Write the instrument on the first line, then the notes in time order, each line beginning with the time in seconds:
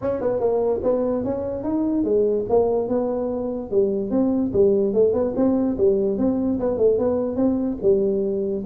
tuba
0.01 C#4
0.20 B3
0.39 A#3
0.83 B3
1.24 C#4
1.63 D#4
2.04 G#3
2.49 A#3
2.88 B3
3.70 G3
4.10 C4
4.53 G3
4.93 A3
5.13 B3
5.36 C4
5.77 G3
6.18 C4
6.59 B3
6.77 A3
6.98 B3
7.36 C4
7.82 G3